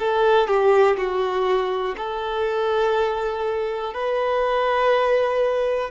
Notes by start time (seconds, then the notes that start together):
0.00 A4
0.48 G4
0.97 F#4
1.98 A4
3.94 B4